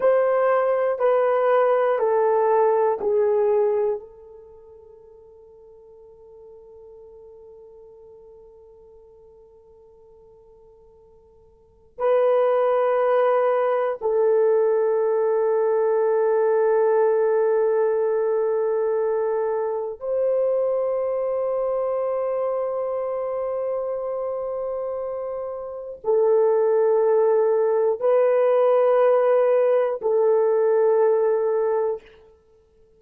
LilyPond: \new Staff \with { instrumentName = "horn" } { \time 4/4 \tempo 4 = 60 c''4 b'4 a'4 gis'4 | a'1~ | a'1 | b'2 a'2~ |
a'1 | c''1~ | c''2 a'2 | b'2 a'2 | }